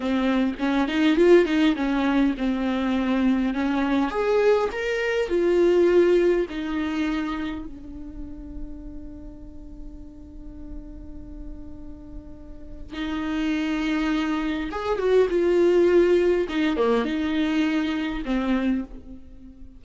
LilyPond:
\new Staff \with { instrumentName = "viola" } { \time 4/4 \tempo 4 = 102 c'4 cis'8 dis'8 f'8 dis'8 cis'4 | c'2 cis'4 gis'4 | ais'4 f'2 dis'4~ | dis'4 d'2.~ |
d'1~ | d'2 dis'2~ | dis'4 gis'8 fis'8 f'2 | dis'8 ais8 dis'2 c'4 | }